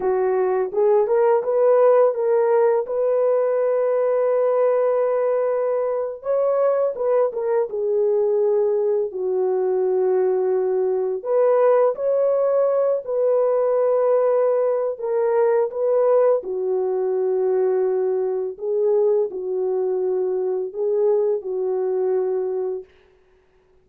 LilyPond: \new Staff \with { instrumentName = "horn" } { \time 4/4 \tempo 4 = 84 fis'4 gis'8 ais'8 b'4 ais'4 | b'1~ | b'8. cis''4 b'8 ais'8 gis'4~ gis'16~ | gis'8. fis'2. b'16~ |
b'8. cis''4. b'4.~ b'16~ | b'4 ais'4 b'4 fis'4~ | fis'2 gis'4 fis'4~ | fis'4 gis'4 fis'2 | }